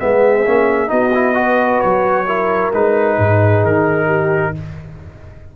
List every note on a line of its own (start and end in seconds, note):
0.00 0.48 G#3
0.00 0.45 B3
0.00 0.91 G#4
0.00 0.90 E5
0.47 0.91 A#3
0.47 0.87 C#4
0.87 1.82 B3
0.87 1.10 D#4
0.87 1.36 F#4
0.87 1.81 D#5
1.15 1.34 E4
1.34 2.25 F#4
1.34 2.26 B4
1.81 2.73 F#3
1.81 2.72 C#5
2.26 2.73 E4
2.26 3.17 A#4
2.73 3.19 G#3
2.73 4.55 D#4
2.73 3.65 B4
3.19 3.63 G#2
3.19 4.07 G#4
3.63 4.54 D#3
3.63 4.56 A#4
4.07 4.52 G4